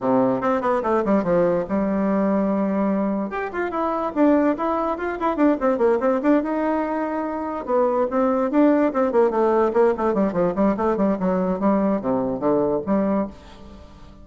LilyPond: \new Staff \with { instrumentName = "bassoon" } { \time 4/4 \tempo 4 = 145 c4 c'8 b8 a8 g8 f4 | g1 | g'8 f'8 e'4 d'4 e'4 | f'8 e'8 d'8 c'8 ais8 c'8 d'8 dis'8~ |
dis'2~ dis'8 b4 c'8~ | c'8 d'4 c'8 ais8 a4 ais8 | a8 g8 f8 g8 a8 g8 fis4 | g4 c4 d4 g4 | }